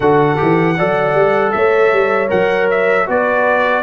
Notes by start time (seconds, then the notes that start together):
0.00 D3 F#4 A4 F#5
0.36 E3 G4
0.77 F#3 A4 D5
1.14 G3
1.51 A3 C#5 E5
1.92 G3
2.28 F#3 A#4 F#5
2.70 E5
3.06 B3 F#4 B4 D5